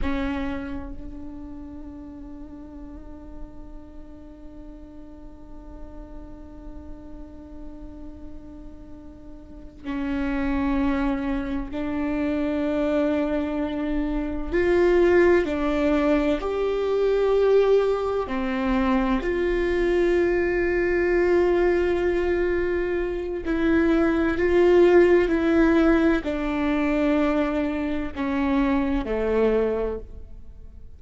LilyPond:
\new Staff \with { instrumentName = "viola" } { \time 4/4 \tempo 4 = 64 cis'4 d'2.~ | d'1~ | d'2~ d'8 cis'4.~ | cis'8 d'2. f'8~ |
f'8 d'4 g'2 c'8~ | c'8 f'2.~ f'8~ | f'4 e'4 f'4 e'4 | d'2 cis'4 a4 | }